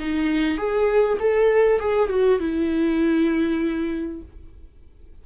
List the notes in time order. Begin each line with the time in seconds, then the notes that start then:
0.00 D#4
0.58 G#4
1.20 A4
1.80 G#4
2.09 F#4
2.40 E4